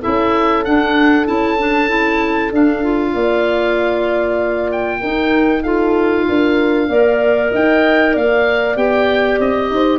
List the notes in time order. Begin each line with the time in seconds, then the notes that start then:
0.00 E4 A4 E5
0.06 C#4
0.64 D4 F#5
1.26 C#4 E4 A5
1.58 D4
1.88 E4
2.51 D4 F5
2.83 F4
3.13 A#3 D5
4.71 G5
5.00 D#4 A#4
5.62 F4 A4 F5
6.28 D4 A#4
6.88 A#3 A#4 D5
7.51 D#4 D#5 G5
8.13 A#3 D5 F5
8.76 B3 G4 G5
9.39 C4 D#5
9.70 D#4 C5